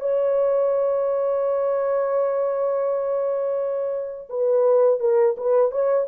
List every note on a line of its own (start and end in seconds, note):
0.00 4.29 C#5
4.29 5.00 B4
5.00 5.35 A#4
5.37 5.71 B4
5.71 6.07 C#5